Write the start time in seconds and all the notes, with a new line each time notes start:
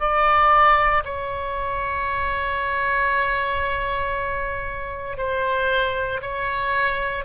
0.00 D5
1.05 C#5
5.18 C5
6.22 C#5